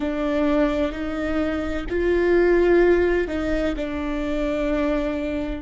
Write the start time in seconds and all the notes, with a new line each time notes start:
0.00 D4
0.92 D#4
1.89 F4
3.27 D#4
3.76 D4